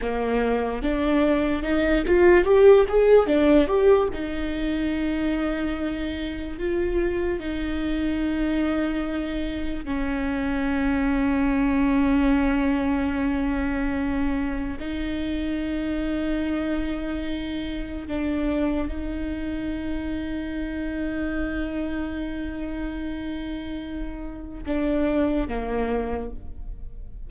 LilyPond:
\new Staff \with { instrumentName = "viola" } { \time 4/4 \tempo 4 = 73 ais4 d'4 dis'8 f'8 g'8 gis'8 | d'8 g'8 dis'2. | f'4 dis'2. | cis'1~ |
cis'2 dis'2~ | dis'2 d'4 dis'4~ | dis'1~ | dis'2 d'4 ais4 | }